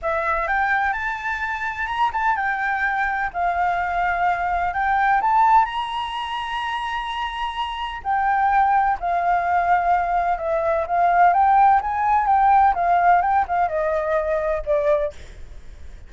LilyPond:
\new Staff \with { instrumentName = "flute" } { \time 4/4 \tempo 4 = 127 e''4 g''4 a''2 | ais''8 a''8 g''2 f''4~ | f''2 g''4 a''4 | ais''1~ |
ais''4 g''2 f''4~ | f''2 e''4 f''4 | g''4 gis''4 g''4 f''4 | g''8 f''8 dis''2 d''4 | }